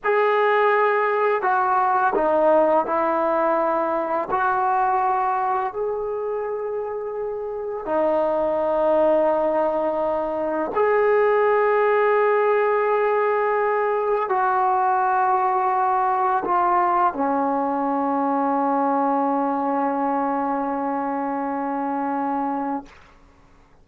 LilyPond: \new Staff \with { instrumentName = "trombone" } { \time 4/4 \tempo 4 = 84 gis'2 fis'4 dis'4 | e'2 fis'2 | gis'2. dis'4~ | dis'2. gis'4~ |
gis'1 | fis'2. f'4 | cis'1~ | cis'1 | }